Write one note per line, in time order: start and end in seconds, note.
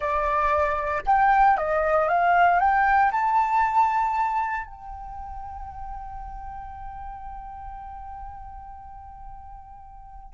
0.00 1.02 D5
1.06 1.57 G5
1.57 2.07 D#5
2.07 2.59 F5
2.59 3.11 G5
3.11 4.66 A5
4.66 10.33 G5